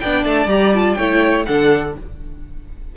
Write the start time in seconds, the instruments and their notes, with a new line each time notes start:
0.00 cello B3, viola D4, violin D5 G5
0.24 cello A3, violin A5
0.46 cello G3, viola G4, violin A#5
0.74 viola F4, violin A5
0.94 cello A3, viola E4, violin C#5 G5
1.46 cello D3, viola D4, violin A4 F#5